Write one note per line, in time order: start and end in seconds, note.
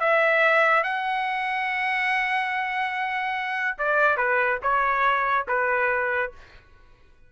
0.00 0.84 E5
0.84 3.77 F#5
3.78 4.17 D5
4.17 4.59 B4
4.62 5.46 C#5
5.48 6.32 B4